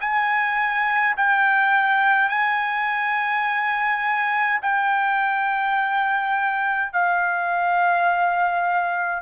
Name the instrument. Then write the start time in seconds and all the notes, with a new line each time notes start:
trumpet
0.00 G#5
1.17 G5
2.29 G#5
4.62 G5
6.92 F5